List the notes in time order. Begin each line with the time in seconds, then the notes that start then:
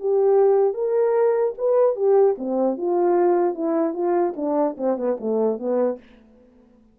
0.00 G4
0.74 A#4
1.58 B4
1.96 G4
2.38 C4
2.78 F4
3.55 E4
3.94 F4
4.36 D4
4.78 C4
4.98 B3
5.20 A3
5.59 B3